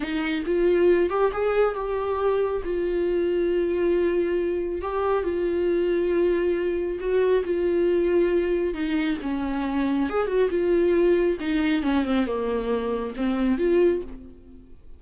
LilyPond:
\new Staff \with { instrumentName = "viola" } { \time 4/4 \tempo 4 = 137 dis'4 f'4. g'8 gis'4 | g'2 f'2~ | f'2. g'4 | f'1 |
fis'4 f'2. | dis'4 cis'2 gis'8 fis'8 | f'2 dis'4 cis'8 c'8 | ais2 c'4 f'4 | }